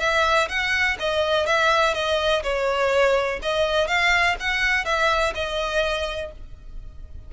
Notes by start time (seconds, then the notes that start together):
0.00 E5
0.49 F#5
1.00 D#5
1.47 E5
1.95 D#5
2.43 C#5
3.43 D#5
3.88 F5
4.40 F#5
4.85 E5
5.35 D#5